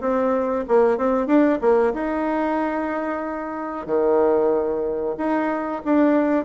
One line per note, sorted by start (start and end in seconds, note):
0.00 0.65 C4
0.68 0.97 A#3
0.97 1.26 C4
1.26 1.59 D4
1.61 1.93 A#3
1.93 3.86 D#4
3.86 5.15 D#3
5.17 5.82 D#4
5.84 6.45 D4